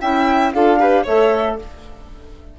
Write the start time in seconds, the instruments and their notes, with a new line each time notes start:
0.00 bassoon C#4, clarinet E4, violin E5, flute G5
0.53 bassoon D4, clarinet F4, violin A4, flute F5
0.78 clarinet G4, violin B4
1.03 bassoon A3, clarinet A4, violin C#5, flute E5